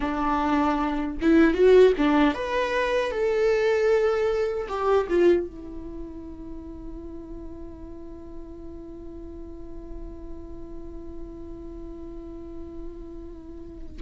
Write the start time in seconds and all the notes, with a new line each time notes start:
0.00 D4
1.21 E4
1.54 F#4
1.97 D4
2.34 B4
3.11 A4
4.68 G4
5.09 F4
5.46 E4